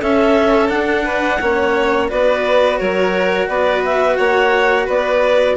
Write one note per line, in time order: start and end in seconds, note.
0.00 0.70 C#4
0.00 0.69 C#4
0.00 1.04 A4
0.00 0.69 E5
0.69 1.39 D4
0.69 1.40 D4
0.69 2.09 F#5
1.04 1.39 B4
1.41 2.11 A#3
1.41 2.08 C#4
1.41 2.10 C#5
2.08 2.81 B3
2.08 5.57 F#4
2.08 2.78 B4
2.08 2.78 D5
2.78 3.48 F#3
2.78 3.48 A#4
2.78 3.48 C#5
3.48 4.18 B3
3.48 4.17 B4
3.48 3.83 D5
3.85 4.15 E5
4.15 4.88 A#3
4.15 4.85 C#5
4.15 4.85 F#5
4.85 5.57 B3
4.85 5.55 B4
4.85 5.57 D5